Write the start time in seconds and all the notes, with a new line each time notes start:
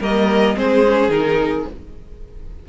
0.00 G3 A#3 A#4 D#5
0.56 G#3 C4 G#4 C5
0.86 C#4
1.09 D#3 D#4 A#4